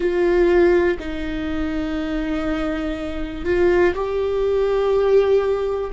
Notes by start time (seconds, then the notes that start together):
0.00 F4
0.99 D#4
3.44 F4
3.94 G4